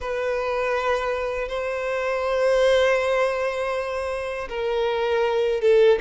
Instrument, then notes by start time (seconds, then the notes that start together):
violin
0.00 B4
1.48 C5
4.49 A#4
5.61 A4